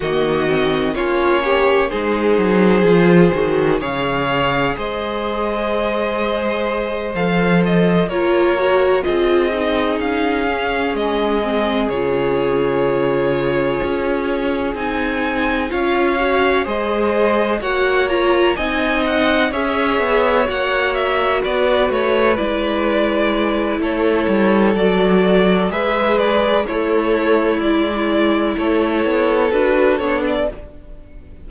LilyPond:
<<
  \new Staff \with { instrumentName = "violin" } { \time 4/4 \tempo 4 = 63 dis''4 cis''4 c''2 | f''4 dis''2~ dis''8 f''8 | dis''8 cis''4 dis''4 f''4 dis''8~ | dis''8 cis''2. gis''8~ |
gis''8 f''4 dis''4 fis''8 ais''8 gis''8 | fis''8 e''4 fis''8 e''8 d''8 cis''8 d''8~ | d''4 cis''4 d''4 e''8 d''8 | cis''4 d''4 cis''4 b'8 cis''16 d''16 | }
  \new Staff \with { instrumentName = "violin" } { \time 4/4 fis'4 f'8 g'8 gis'2 | cis''4 c''2.~ | c''8 ais'4 gis'2~ gis'8~ | gis'1~ |
gis'8 cis''4 c''4 cis''4 dis''8~ | dis''8 cis''2 b'4.~ | b'4 a'2 b'4 | e'2 a'2 | }
  \new Staff \with { instrumentName = "viola" } { \time 4/4 ais8 c'8 cis'4 dis'4 f'8 fis'8 | gis'2.~ gis'8 a'8~ | a'8 f'8 fis'8 f'8 dis'4 cis'4 | c'8 f'2. dis'8~ |
dis'8 f'8 fis'8 gis'4 fis'8 f'8 dis'8~ | dis'8 gis'4 fis'2 e'8~ | e'2 fis'4 gis'4 | a'4 e'2 fis'8 d'8 | }
  \new Staff \with { instrumentName = "cello" } { \time 4/4 dis4 ais4 gis8 fis8 f8 dis8 | cis4 gis2~ gis8 f8~ | f8 ais4 c'4 cis'4 gis8~ | gis8 cis2 cis'4 c'8~ |
c'8 cis'4 gis4 ais4 c'8~ | c'8 cis'8 b8 ais4 b8 a8 gis8~ | gis4 a8 g8 fis4 gis4 | a4 gis4 a8 b8 d'8 b8 | }
>>